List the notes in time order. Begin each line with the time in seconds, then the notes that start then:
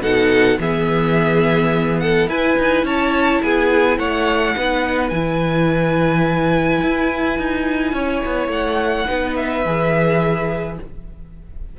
0.00 B2 D#4 A4 F#5
0.60 E3 B3 G#4 E5
2.00 A4 F#5
2.27 E4 B4 G#5
2.59 D#4
2.84 C#4 C#5 A5
3.43 B3 G#4 G#5
3.99 A3 C#5 F#5
4.56 B3 D#4 B4
5.09 E3 E4 G#5
6.83 E4
7.39 D#4
7.93 C#4 C#5
8.26 B3
8.48 A3 F#5
9.07 B3 D#4 B4
9.36 E5
9.66 E3 G#4